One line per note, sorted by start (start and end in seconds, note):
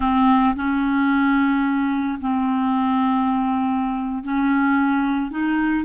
0.00 0.55 C4
0.55 2.19 C#4
2.20 4.23 C4
4.23 5.30 C#4
5.30 5.84 D#4